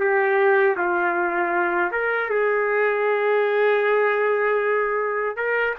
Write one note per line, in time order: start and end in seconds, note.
0.00 0.77 G4
0.77 1.92 F4
1.92 2.30 A#4
2.30 5.37 G#4
5.37 5.75 A#4